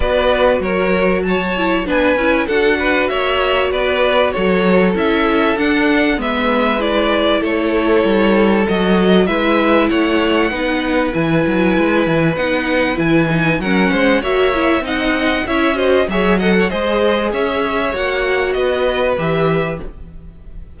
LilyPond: <<
  \new Staff \with { instrumentName = "violin" } { \time 4/4 \tempo 4 = 97 d''4 cis''4 a''4 gis''4 | fis''4 e''4 d''4 cis''4 | e''4 fis''4 e''4 d''4 | cis''2 dis''4 e''4 |
fis''2 gis''2 | fis''4 gis''4 fis''4 e''4 | fis''4 e''8 dis''8 e''8 fis''8 dis''4 | e''4 fis''4 dis''4 e''4 | }
  \new Staff \with { instrumentName = "violin" } { \time 4/4 b'4 ais'4 cis''4 b'4 | a'8 b'8 cis''4 b'4 a'4~ | a'2 b'2 | a'2. b'4 |
cis''4 b'2.~ | b'2 ais'8 c''8 cis''4 | dis''4 cis''8 c''8 cis''8 dis''16 cis''16 c''4 | cis''2 b'2 | }
  \new Staff \with { instrumentName = "viola" } { \time 4/4 fis'2~ fis'8 e'8 d'8 e'8 | fis'1 | e'4 d'4 b4 e'4~ | e'2 fis'4 e'4~ |
e'4 dis'4 e'2 | dis'4 e'8 dis'8 cis'4 fis'8 e'8 | dis'4 e'8 fis'8 gis'8 a'8 gis'4~ | gis'4 fis'2 g'4 | }
  \new Staff \with { instrumentName = "cello" } { \time 4/4 b4 fis2 b8 cis'8 | d'4 ais4 b4 fis4 | cis'4 d'4 gis2 | a4 g4 fis4 gis4 |
a4 b4 e8 fis8 gis8 e8 | b4 e4 fis8 gis8 ais4 | c'4 cis'4 fis4 gis4 | cis'4 ais4 b4 e4 | }
>>